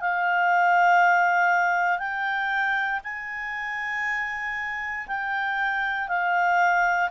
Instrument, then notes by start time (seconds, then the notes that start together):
clarinet
0.00 F5
1.98 G5
3.03 G#5
5.07 G5
6.08 F5